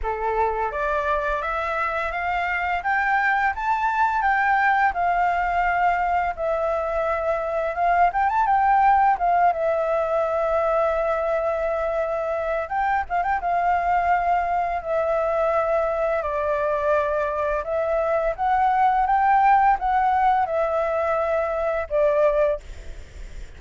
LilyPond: \new Staff \with { instrumentName = "flute" } { \time 4/4 \tempo 4 = 85 a'4 d''4 e''4 f''4 | g''4 a''4 g''4 f''4~ | f''4 e''2 f''8 g''16 a''16 | g''4 f''8 e''2~ e''8~ |
e''2 g''8 f''16 g''16 f''4~ | f''4 e''2 d''4~ | d''4 e''4 fis''4 g''4 | fis''4 e''2 d''4 | }